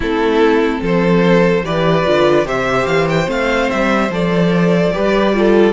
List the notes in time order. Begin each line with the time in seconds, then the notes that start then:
0.00 A3 C4 E4 A4
0.81 F3 A4 C5
1.63 E3 G4 B4 D5
2.04 D3 F4
2.45 C3 G4 C5 E5
2.86 E3 F5
3.09 G5
3.26 A3 C4 F5
3.70 G3 E5
4.09 F3 A4 D5
4.93 G3 G4 B4
5.34 F4 A4